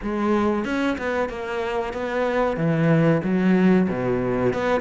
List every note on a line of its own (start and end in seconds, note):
0.02 0.65 G#3
0.65 0.97 C#4
0.98 1.29 B3
1.29 1.93 A#3
1.93 2.57 B3
2.57 3.21 E3
3.23 3.88 F#3
3.89 4.53 B2
4.53 4.81 B3